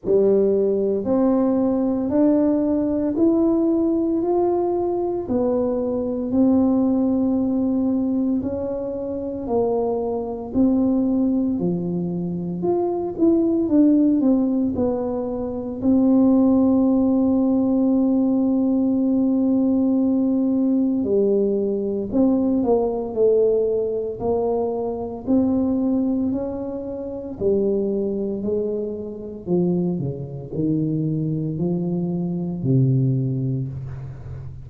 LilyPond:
\new Staff \with { instrumentName = "tuba" } { \time 4/4 \tempo 4 = 57 g4 c'4 d'4 e'4 | f'4 b4 c'2 | cis'4 ais4 c'4 f4 | f'8 e'8 d'8 c'8 b4 c'4~ |
c'1 | g4 c'8 ais8 a4 ais4 | c'4 cis'4 g4 gis4 | f8 cis8 dis4 f4 c4 | }